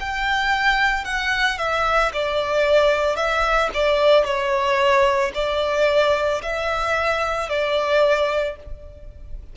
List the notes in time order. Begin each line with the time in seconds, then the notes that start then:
0.00 G5
1.05 F#5
1.58 E5
2.13 D5
3.17 E5
3.74 D5
4.25 C#5
5.35 D5
6.43 E5
7.50 D5